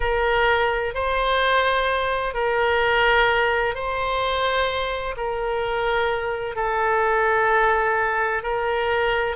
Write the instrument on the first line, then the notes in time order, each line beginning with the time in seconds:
oboe
0.00 A#4
0.94 C5
2.34 A#4
3.74 C5
5.16 A#4
6.55 A4
8.42 A#4